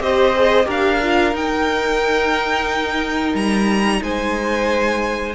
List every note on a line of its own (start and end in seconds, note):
0.00 0.67 C4
0.00 0.34 G4
0.00 0.66 C5
0.00 0.68 D#5
0.35 0.65 G#4
0.65 1.33 D4
0.65 0.98 G4
0.65 3.99 A#4
0.65 1.36 F5
1.02 1.33 F4
1.33 3.33 D#4
1.33 5.33 D#4
1.33 3.36 G5
3.34 4.00 G3
3.34 4.02 A#5
4.02 5.35 G#3
4.02 5.35 C5
4.02 5.35 G#5